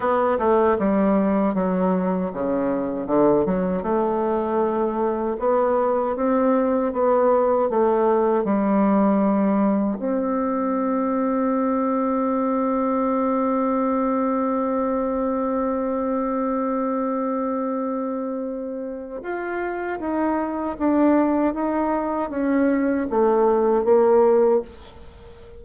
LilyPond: \new Staff \with { instrumentName = "bassoon" } { \time 4/4 \tempo 4 = 78 b8 a8 g4 fis4 cis4 | d8 fis8 a2 b4 | c'4 b4 a4 g4~ | g4 c'2.~ |
c'1~ | c'1~ | c'4 f'4 dis'4 d'4 | dis'4 cis'4 a4 ais4 | }